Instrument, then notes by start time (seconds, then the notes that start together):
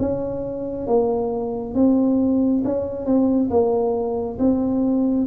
tuba
0.00 C#4
0.87 A#3
1.75 C4
2.65 C#4
3.06 C4
3.51 A#3
4.39 C4